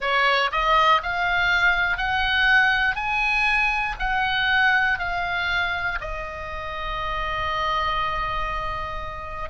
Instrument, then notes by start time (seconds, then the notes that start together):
oboe
0.00 C#5
0.51 D#5
1.03 F5
1.97 F#5
2.95 G#5
3.99 F#5
4.99 F5
6.00 D#5